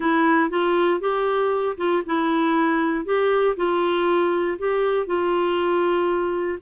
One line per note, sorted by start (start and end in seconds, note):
0.00 0.50 E4
0.50 1.00 F4
1.00 1.76 G4
1.77 2.02 F4
2.05 3.05 E4
3.05 3.55 G4
3.56 4.58 F4
4.58 5.06 G4
5.06 6.58 F4